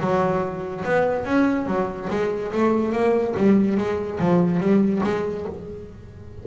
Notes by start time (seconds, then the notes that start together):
0.00 F#3
0.84 B3
1.25 C#4
1.66 F#3
2.10 G#3
2.52 A3
2.92 A#3
3.37 G3
3.77 G#3
4.19 F3
4.60 G3
5.03 G#3